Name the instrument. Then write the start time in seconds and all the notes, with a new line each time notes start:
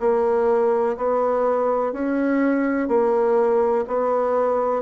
bassoon
0.00 A#3
0.97 B3
1.93 C#4
2.89 A#3
3.88 B3